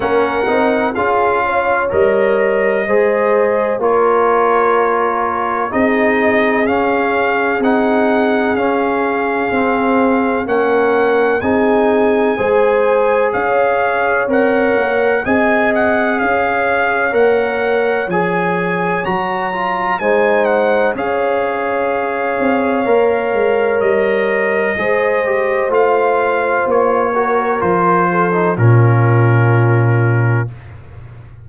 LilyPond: <<
  \new Staff \with { instrumentName = "trumpet" } { \time 4/4 \tempo 4 = 63 fis''4 f''4 dis''2 | cis''2 dis''4 f''4 | fis''4 f''2 fis''4 | gis''2 f''4 fis''4 |
gis''8 fis''8 f''4 fis''4 gis''4 | ais''4 gis''8 fis''8 f''2~ | f''4 dis''2 f''4 | cis''4 c''4 ais'2 | }
  \new Staff \with { instrumentName = "horn" } { \time 4/4 ais'4 gis'8 cis''4. c''4 | ais'2 gis'2~ | gis'2. ais'4 | gis'4 c''4 cis''2 |
dis''4 cis''2.~ | cis''4 c''4 cis''2~ | cis''2 c''2~ | c''8 ais'4 a'8 f'2 | }
  \new Staff \with { instrumentName = "trombone" } { \time 4/4 cis'8 dis'8 f'4 ais'4 gis'4 | f'2 dis'4 cis'4 | dis'4 cis'4 c'4 cis'4 | dis'4 gis'2 ais'4 |
gis'2 ais'4 gis'4 | fis'8 f'8 dis'4 gis'2 | ais'2 gis'8 g'8 f'4~ | f'8 fis'8 f'8. dis'16 cis'2 | }
  \new Staff \with { instrumentName = "tuba" } { \time 4/4 ais8 c'8 cis'4 g4 gis4 | ais2 c'4 cis'4 | c'4 cis'4 c'4 ais4 | c'4 gis4 cis'4 c'8 ais8 |
c'4 cis'4 ais4 f4 | fis4 gis4 cis'4. c'8 | ais8 gis8 g4 gis4 a4 | ais4 f4 ais,2 | }
>>